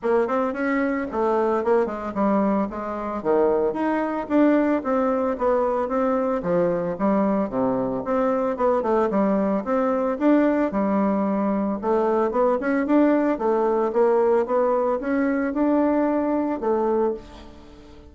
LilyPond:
\new Staff \with { instrumentName = "bassoon" } { \time 4/4 \tempo 4 = 112 ais8 c'8 cis'4 a4 ais8 gis8 | g4 gis4 dis4 dis'4 | d'4 c'4 b4 c'4 | f4 g4 c4 c'4 |
b8 a8 g4 c'4 d'4 | g2 a4 b8 cis'8 | d'4 a4 ais4 b4 | cis'4 d'2 a4 | }